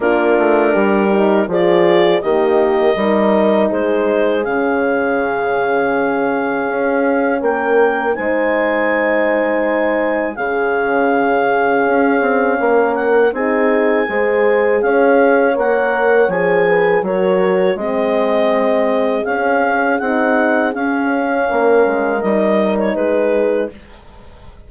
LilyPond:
<<
  \new Staff \with { instrumentName = "clarinet" } { \time 4/4 \tempo 4 = 81 ais'2 d''4 dis''4~ | dis''4 c''4 f''2~ | f''2 g''4 gis''4~ | gis''2 f''2~ |
f''4. fis''8 gis''2 | f''4 fis''4 gis''4 cis''4 | dis''2 f''4 fis''4 | f''2 dis''8. cis''16 b'4 | }
  \new Staff \with { instrumentName = "horn" } { \time 4/4 f'4 g'4 gis'4 g'4 | ais'4 gis'2.~ | gis'2 ais'4 c''4~ | c''2 gis'2~ |
gis'4 ais'4 gis'4 c''4 | cis''2~ cis''8 b'8 ais'4 | gis'1~ | gis'4 ais'2 gis'4 | }
  \new Staff \with { instrumentName = "horn" } { \time 4/4 d'4. dis'8 f'4 ais4 | dis'2 cis'2~ | cis'2. dis'4~ | dis'2 cis'2~ |
cis'2 dis'4 gis'4~ | gis'4 ais'4 gis'4 fis'4 | c'2 cis'4 dis'4 | cis'2 dis'2 | }
  \new Staff \with { instrumentName = "bassoon" } { \time 4/4 ais8 a8 g4 f4 dis4 | g4 gis4 cis2~ | cis4 cis'4 ais4 gis4~ | gis2 cis2 |
cis'8 c'8 ais4 c'4 gis4 | cis'4 ais4 f4 fis4 | gis2 cis'4 c'4 | cis'4 ais8 gis8 g4 gis4 | }
>>